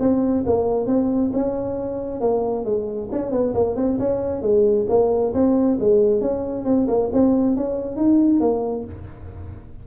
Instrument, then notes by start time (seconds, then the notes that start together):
tuba
0.00 C4
0.46 A#3
0.87 C4
1.34 C#4
2.21 A#3
2.65 G#3
3.12 C#4
3.32 B3
3.55 A#3
3.76 C4
3.99 C#4
4.42 G#3
4.89 A#3
5.34 C4
5.80 G#3
6.21 C#4
6.65 C4
6.88 A#3
7.13 C4
7.56 C#4
7.96 D#4
8.40 A#3